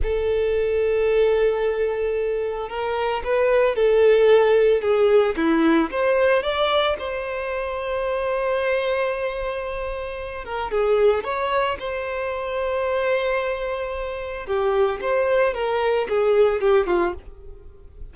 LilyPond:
\new Staff \with { instrumentName = "violin" } { \time 4/4 \tempo 4 = 112 a'1~ | a'4 ais'4 b'4 a'4~ | a'4 gis'4 e'4 c''4 | d''4 c''2.~ |
c''2.~ c''8 ais'8 | gis'4 cis''4 c''2~ | c''2. g'4 | c''4 ais'4 gis'4 g'8 f'8 | }